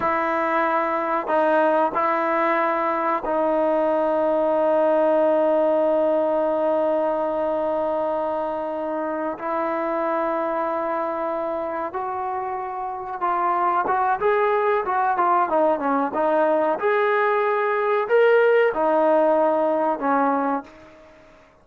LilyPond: \new Staff \with { instrumentName = "trombone" } { \time 4/4 \tempo 4 = 93 e'2 dis'4 e'4~ | e'4 dis'2.~ | dis'1~ | dis'2~ dis'8 e'4.~ |
e'2~ e'8 fis'4.~ | fis'8 f'4 fis'8 gis'4 fis'8 f'8 | dis'8 cis'8 dis'4 gis'2 | ais'4 dis'2 cis'4 | }